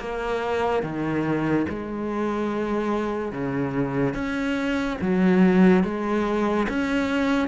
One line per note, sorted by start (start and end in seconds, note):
0.00 0.83 A#3
0.83 1.66 D#3
1.69 3.32 G#3
3.32 4.14 C#3
4.14 4.98 C#4
5.02 5.84 F#3
5.84 6.67 G#3
6.69 7.48 C#4